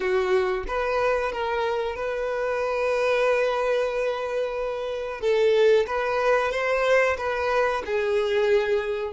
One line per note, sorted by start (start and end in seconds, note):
0.00 0.64 F#4
0.67 1.32 B4
1.32 1.95 A#4
1.95 5.20 B4
5.20 5.85 A4
5.87 6.51 B4
6.51 7.17 C5
7.17 7.83 B4
7.85 9.13 G#4